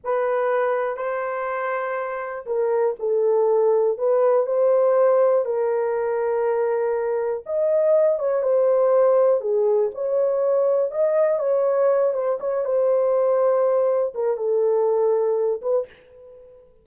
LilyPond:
\new Staff \with { instrumentName = "horn" } { \time 4/4 \tempo 4 = 121 b'2 c''2~ | c''4 ais'4 a'2 | b'4 c''2 ais'4~ | ais'2. dis''4~ |
dis''8 cis''8 c''2 gis'4 | cis''2 dis''4 cis''4~ | cis''8 c''8 cis''8 c''2~ c''8~ | c''8 ais'8 a'2~ a'8 b'8 | }